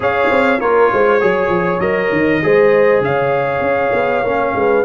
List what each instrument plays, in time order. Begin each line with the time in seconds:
0.00 tuba C#4, trombone G#4, horn C#5, trumpet F5
0.30 tuba C4
0.60 tuba A#3, trombone F4, horn A#4, trumpet C#5
0.93 tuba G#3, horn C5
1.20 tuba F#3, trombone G#4, horn C#5
1.48 tuba F3
1.80 tuba F#3, trombone A#4, trumpet D#5
2.11 tuba D#3
2.42 tuba G#3, trombone G#4, horn C5
3.01 tuba C#3, horn C#5, trumpet F5
3.60 tuba C#4
3.92 tuba B3
4.23 tuba A#3, trombone C#4
4.55 tuba G#3, horn B4